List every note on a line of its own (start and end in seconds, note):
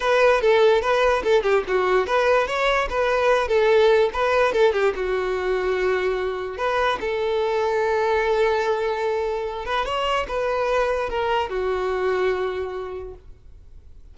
0.00 0.41 B4
0.41 0.81 A4
0.81 1.22 B4
1.23 1.43 A4
1.43 1.63 G4
1.67 2.06 F#4
2.06 2.47 B4
2.47 2.88 C#5
2.89 3.48 B4
3.48 4.09 A4
4.13 4.52 B4
4.52 4.73 A4
4.73 4.93 G4
4.95 6.57 F#4
6.57 6.98 B4
7.00 9.65 A4
9.65 9.85 B4
9.85 10.26 C#5
10.28 11.09 B4
11.09 11.49 A#4
11.49 13.14 F#4